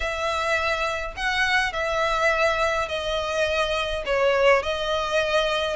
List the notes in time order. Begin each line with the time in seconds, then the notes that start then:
0.00 E5
1.16 F#5
1.73 E5
2.88 D#5
4.05 C#5
4.62 D#5